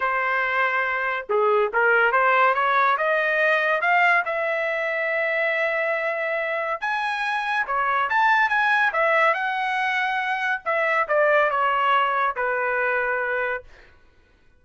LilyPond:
\new Staff \with { instrumentName = "trumpet" } { \time 4/4 \tempo 4 = 141 c''2. gis'4 | ais'4 c''4 cis''4 dis''4~ | dis''4 f''4 e''2~ | e''1 |
gis''2 cis''4 a''4 | gis''4 e''4 fis''2~ | fis''4 e''4 d''4 cis''4~ | cis''4 b'2. | }